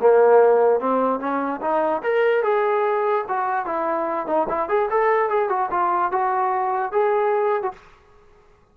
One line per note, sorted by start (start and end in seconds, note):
0.00 0.80 A#3
0.80 1.19 C4
1.19 1.60 C#4
1.61 2.02 D#4
2.03 2.43 A#4
2.43 3.25 G#4
3.28 3.65 F#4
3.65 4.27 E4
4.27 4.47 D#4
4.49 4.68 E4
4.68 4.89 G#4
4.90 5.29 A4
5.29 5.49 G#4
5.49 5.69 F#4
5.71 6.11 F4
6.11 6.92 F#4
6.92 7.62 G#4
7.62 7.73 F#4